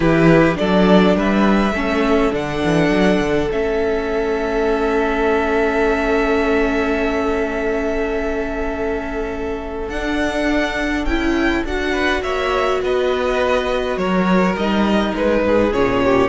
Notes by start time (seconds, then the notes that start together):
0.00 E3 E4 G4 B4
0.55 F#3 D4 A4 D5
1.15 G3 B4 E5
1.72 A3 C#4 A4
2.32 D3 D4 F#5
2.64 E3
2.89 F#3
3.19 D3
3.51 A3 C#4 E5
9.88 D4 F#5
11.04 C#4 E4 G5
11.64 D4 F#4 F#5
11.92 B4
12.22 A#3 C#5 E5
12.82 B3 B4 D#5
13.96 F#3 A#4 C#5
14.55 G3 D#4 D#5
15.14 G#3 B4
15.44 G#2 G#4
15.72 A#2 C#4 C#5
16.04 G4